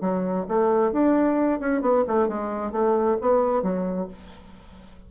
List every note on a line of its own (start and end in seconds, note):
0.00 0.45 F#3
0.48 0.92 A3
0.92 1.60 D4
1.60 1.81 C#4
1.81 2.04 B3
2.07 2.28 A3
2.28 2.71 G#3
2.71 3.17 A3
3.21 3.62 B3
3.62 4.07 F#3